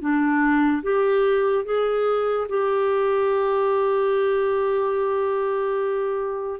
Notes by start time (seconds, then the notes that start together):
0.00 D4
0.83 G4
1.65 G#4
2.49 G4